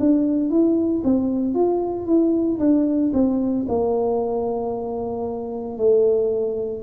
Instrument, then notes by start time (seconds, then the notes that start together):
tuba
0.00 D4
0.50 E4
1.04 C4
1.55 F4
2.06 E4
2.60 D4
3.14 C4
3.69 A#3
5.78 A3